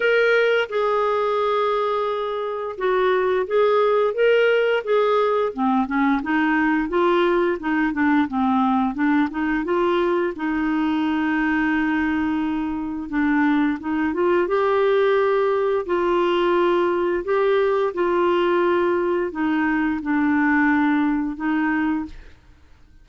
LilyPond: \new Staff \with { instrumentName = "clarinet" } { \time 4/4 \tempo 4 = 87 ais'4 gis'2. | fis'4 gis'4 ais'4 gis'4 | c'8 cis'8 dis'4 f'4 dis'8 d'8 | c'4 d'8 dis'8 f'4 dis'4~ |
dis'2. d'4 | dis'8 f'8 g'2 f'4~ | f'4 g'4 f'2 | dis'4 d'2 dis'4 | }